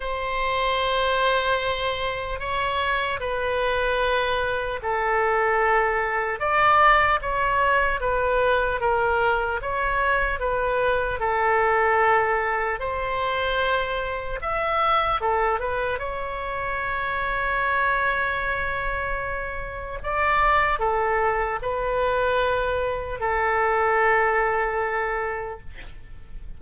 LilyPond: \new Staff \with { instrumentName = "oboe" } { \time 4/4 \tempo 4 = 75 c''2. cis''4 | b'2 a'2 | d''4 cis''4 b'4 ais'4 | cis''4 b'4 a'2 |
c''2 e''4 a'8 b'8 | cis''1~ | cis''4 d''4 a'4 b'4~ | b'4 a'2. | }